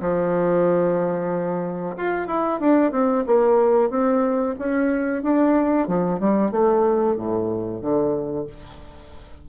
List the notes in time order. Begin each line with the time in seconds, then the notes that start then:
0.00 F3
1.96 F4
2.27 E4
2.59 D4
2.91 C4
3.26 A#3
3.90 C4
4.58 C#4
5.22 D4
5.87 F3
6.19 G3
6.51 A3
7.16 A2
7.81 D3